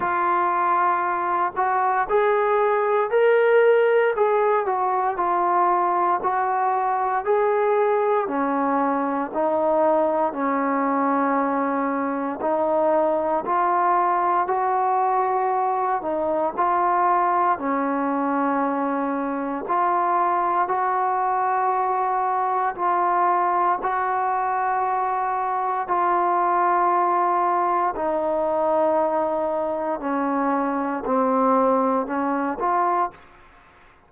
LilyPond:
\new Staff \with { instrumentName = "trombone" } { \time 4/4 \tempo 4 = 58 f'4. fis'8 gis'4 ais'4 | gis'8 fis'8 f'4 fis'4 gis'4 | cis'4 dis'4 cis'2 | dis'4 f'4 fis'4. dis'8 |
f'4 cis'2 f'4 | fis'2 f'4 fis'4~ | fis'4 f'2 dis'4~ | dis'4 cis'4 c'4 cis'8 f'8 | }